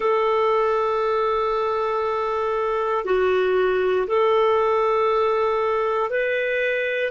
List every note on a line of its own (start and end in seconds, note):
0.00 3.04 A4
3.04 4.06 F#4
4.07 6.10 A4
6.10 7.11 B4